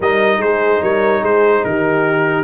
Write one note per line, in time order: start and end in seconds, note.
0.00 0.37 G3
0.00 2.44 D#4
0.00 0.40 A#4
0.00 0.41 D#5
0.37 0.78 G#3
0.37 0.82 G#4
0.37 0.82 C5
0.82 1.22 G3
0.82 1.20 A#4
0.82 1.24 C#5
1.20 1.63 G#3
1.20 1.61 G#4
1.20 1.64 C5
1.64 2.44 D#3
1.64 2.44 G4
1.64 2.44 A#4